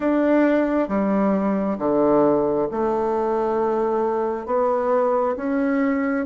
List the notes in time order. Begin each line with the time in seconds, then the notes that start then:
0.00 D4
0.88 G3
1.78 D3
2.71 A3
4.45 B3
5.36 C#4